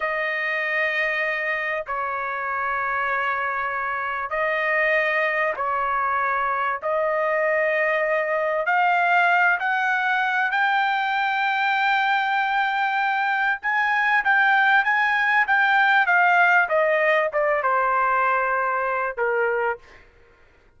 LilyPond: \new Staff \with { instrumentName = "trumpet" } { \time 4/4 \tempo 4 = 97 dis''2. cis''4~ | cis''2. dis''4~ | dis''4 cis''2 dis''4~ | dis''2 f''4. fis''8~ |
fis''4 g''2.~ | g''2 gis''4 g''4 | gis''4 g''4 f''4 dis''4 | d''8 c''2~ c''8 ais'4 | }